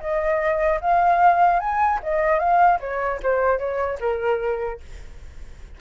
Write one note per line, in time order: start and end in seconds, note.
0.00 0.80 D#5
0.81 1.59 F5
1.59 1.99 G#5
2.03 2.39 D#5
2.39 2.79 F5
2.80 3.20 C#5
3.23 3.59 C5
3.59 3.99 C#5
4.00 4.80 A#4